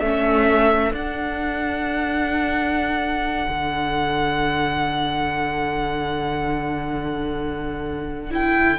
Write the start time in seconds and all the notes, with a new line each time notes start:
0.00 A3 C#4 A4 E5
0.92 D4 F#5
3.49 D3
8.31 E4 G5